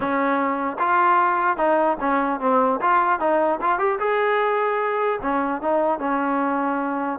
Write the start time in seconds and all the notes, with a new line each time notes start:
0.00 C#4
0.79 F4
1.57 D#4
2.00 C#4
2.39 C4
2.81 F4
3.19 D#4
3.61 F4
3.78 G4
3.99 G#4
5.22 C#4
5.61 D#4
5.99 C#4